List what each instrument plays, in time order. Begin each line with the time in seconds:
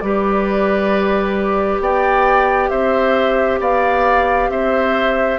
0.00 bassoon G3, clarinet G4, oboe B4, flute D5
1.80 bassoon B3, oboe D5, flute G5
2.69 bassoon C4, oboe C5, flute E5
3.60 bassoon B3, oboe D5, flute F5
4.49 bassoon C4, oboe C5, flute E5